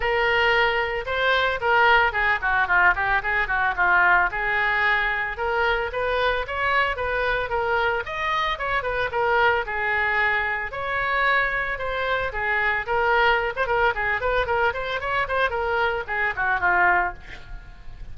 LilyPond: \new Staff \with { instrumentName = "oboe" } { \time 4/4 \tempo 4 = 112 ais'2 c''4 ais'4 | gis'8 fis'8 f'8 g'8 gis'8 fis'8 f'4 | gis'2 ais'4 b'4 | cis''4 b'4 ais'4 dis''4 |
cis''8 b'8 ais'4 gis'2 | cis''2 c''4 gis'4 | ais'4~ ais'16 c''16 ais'8 gis'8 b'8 ais'8 c''8 | cis''8 c''8 ais'4 gis'8 fis'8 f'4 | }